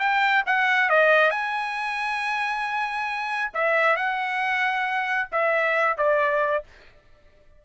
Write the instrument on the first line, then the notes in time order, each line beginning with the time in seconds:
trumpet
0.00 G5
0.47 F#5
0.90 D#5
1.31 G#5
3.54 E5
3.97 F#5
5.32 E5
5.98 D5